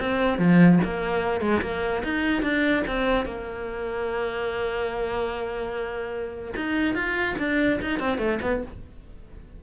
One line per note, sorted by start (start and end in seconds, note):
0.00 0.39 C4
0.39 0.80 F3
0.84 1.41 A#3
1.41 1.62 G#3
1.62 2.03 A#3
2.04 2.43 D#4
2.43 2.84 D4
2.88 3.26 C4
3.26 6.55 A#3
6.57 6.95 D#4
6.95 7.36 F4
7.39 7.80 D4
7.82 8.00 D#4
8.00 8.19 C4
8.19 8.39 A3
8.42 8.63 B3